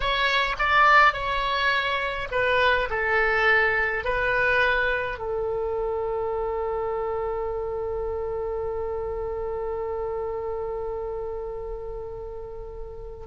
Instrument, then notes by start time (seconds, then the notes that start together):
oboe
0.00 C#5
0.58 D5
1.13 C#5
2.31 B4
2.90 A4
4.04 B4
5.18 A4